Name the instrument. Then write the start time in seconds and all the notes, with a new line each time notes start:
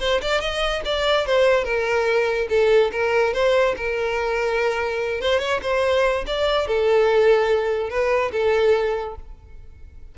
violin
0.00 C5
0.21 D5
0.41 D#5
0.85 D5
1.26 C5
1.64 A#4
2.49 A4
2.92 A#4
3.33 C5
3.77 A#4
5.21 C5
5.40 C#5
5.62 C5
6.27 D5
6.68 A4
7.90 B4
8.32 A4